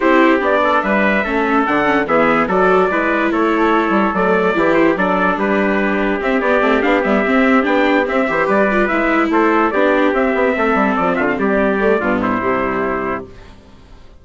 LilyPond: <<
  \new Staff \with { instrumentName = "trumpet" } { \time 4/4 \tempo 4 = 145 c''4 d''4 e''2 | fis''4 e''4 d''2 | cis''2 d''4. c''8 | d''4 b'2 e''8 d''8~ |
d''8 f''8 e''4. g''4 e''8~ | e''8 d''4 e''4 c''4 d''8~ | d''8 e''2 d''8 e''16 f''16 d''8~ | d''4. c''2~ c''8 | }
  \new Staff \with { instrumentName = "trumpet" } { \time 4/4 g'4. a'8 b'4 a'4~ | a'4 gis'4 a'4 b'4 | a'2. g'4 | a'4 g'2.~ |
g'1 | c''8 b'2 a'4 g'8~ | g'4. a'4. f'8 g'8~ | g'4 f'8 e'2~ e'8 | }
  \new Staff \with { instrumentName = "viola" } { \time 4/4 e'4 d'2 cis'4 | d'8 cis'8 b4 fis'4 e'4~ | e'2 a4 e'4 | d'2. c'8 b8 |
c'8 d'8 b8 c'4 d'4 c'8 | g'4 f'8 e'2 d'8~ | d'8 c'2.~ c'8~ | c'8 a8 b4 g2 | }
  \new Staff \with { instrumentName = "bassoon" } { \time 4/4 c'4 b4 g4 a4 | d4 e4 fis4 gis4 | a4. g8 fis4 e4 | fis4 g2 c'8 b8 |
a8 b8 g8 c'4 b4 c'8 | e8 g4 gis4 a4 b8~ | b8 c'8 b8 a8 g8 f8 d8 g8~ | g4 g,4 c2 | }
>>